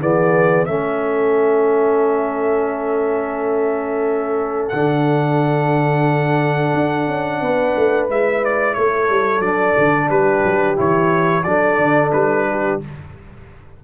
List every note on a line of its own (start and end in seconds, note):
0.00 0.68 E3
0.00 0.68 B3
0.00 0.67 G#4
0.00 0.65 D5
0.65 4.72 A3
0.65 4.72 C#4
0.65 7.42 A4
0.65 4.69 E5
4.69 6.74 D3
4.69 8.09 D4
4.69 8.06 F#5
6.74 7.07 D4
7.07 7.41 C#4
7.41 7.75 B3
7.41 8.77 B4
7.76 8.09 A3
8.09 8.77 G#3
8.09 9.42 E4
8.09 8.44 E5
8.44 8.74 D5
8.74 9.09 A3
8.74 10.08 A4
8.74 9.41 C#5
9.09 9.40 G3
9.40 9.73 F#3
9.40 10.76 D4
9.40 10.09 D5
9.78 10.10 D3
10.08 10.44 G3
10.08 11.43 G4
10.08 10.77 B4
10.44 10.78 F#3
10.76 11.44 E3
10.76 11.43 E4
10.76 11.43 C#5
11.43 11.78 F#3
11.43 12.81 D4
11.43 12.48 A4
11.43 12.11 D5
11.78 12.12 D3
12.12 12.81 G3
12.12 12.80 B4
12.50 12.84 G4